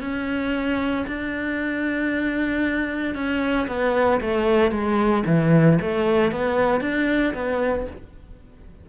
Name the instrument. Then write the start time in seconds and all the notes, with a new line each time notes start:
cello
0.00 C#4
1.07 D4
3.14 C#4
3.67 B3
4.21 A3
4.71 G#3
5.26 E3
5.81 A3
6.32 B3
6.80 D4
7.33 B3